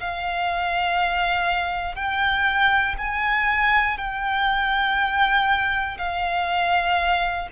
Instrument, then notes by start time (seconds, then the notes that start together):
violin
0.00 F5
1.95 G5
2.98 G#5
3.98 G5
5.99 F5